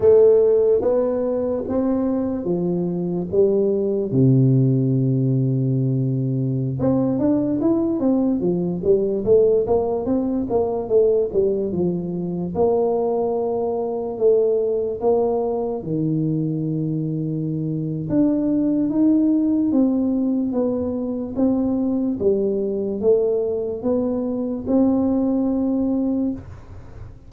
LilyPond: \new Staff \with { instrumentName = "tuba" } { \time 4/4 \tempo 4 = 73 a4 b4 c'4 f4 | g4 c2.~ | c16 c'8 d'8 e'8 c'8 f8 g8 a8 ais16~ | ais16 c'8 ais8 a8 g8 f4 ais8.~ |
ais4~ ais16 a4 ais4 dis8.~ | dis2 d'4 dis'4 | c'4 b4 c'4 g4 | a4 b4 c'2 | }